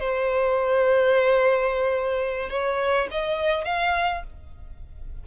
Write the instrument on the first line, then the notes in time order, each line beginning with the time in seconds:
violin
0.00 C5
2.50 C#5
3.11 D#5
3.65 F5